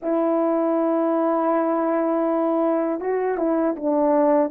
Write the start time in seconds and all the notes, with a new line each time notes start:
0.02 E4
3.00 F#4
3.37 E4
3.76 D4